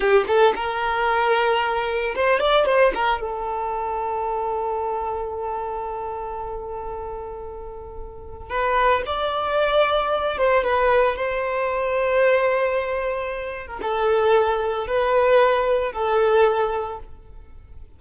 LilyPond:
\new Staff \with { instrumentName = "violin" } { \time 4/4 \tempo 4 = 113 g'8 a'8 ais'2. | c''8 d''8 c''8 ais'8 a'2~ | a'1~ | a'1 |
b'4 d''2~ d''8 c''8 | b'4 c''2.~ | c''4.~ c''16 ais'16 a'2 | b'2 a'2 | }